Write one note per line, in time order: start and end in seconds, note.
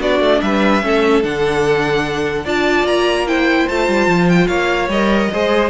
0.00 0.20 B3
0.00 0.81 D4
0.00 0.41 F#4
0.00 0.41 D5
0.20 0.40 A3
0.41 0.83 G3
0.41 0.84 B4
0.41 1.23 E5
0.81 1.24 A3
0.81 1.22 C#4
0.81 2.45 A4
1.22 2.45 D3
1.22 2.45 D4
1.22 2.46 F#5
2.45 2.83 D4
2.45 3.27 F4
2.45 3.27 D5
2.45 2.87 A5
2.83 3.65 A#3
2.83 3.27 A#5
3.27 3.68 E4
3.27 4.48 C5
3.27 3.68 G5
3.68 3.88 A3
3.68 4.91 F4
3.68 4.29 A5
3.88 4.07 G3
4.07 4.48 F3
4.29 4.47 G5
4.47 4.88 A#3
4.47 5.29 C#5
4.47 4.88 F5
4.88 5.29 G3
4.88 5.31 A#4
4.88 5.70 D#5
5.31 5.70 G#3
5.31 5.70 G#4
5.31 5.70 C5